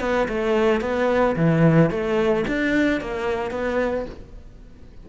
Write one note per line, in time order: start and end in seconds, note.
0.00 0.27 B3
0.28 0.81 A3
0.81 1.35 B3
1.36 1.90 E3
1.90 2.45 A3
2.47 3.00 D4
3.00 3.51 A#3
3.51 4.05 B3